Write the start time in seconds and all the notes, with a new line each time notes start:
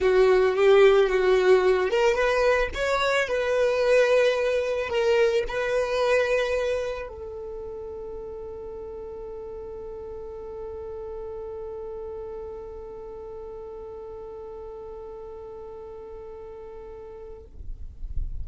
0.00 F#4
0.55 G4
1.09 F#4
1.90 A#4
2.14 B4
2.74 C#5
3.28 B4
4.89 A#4
5.48 B4
7.08 A4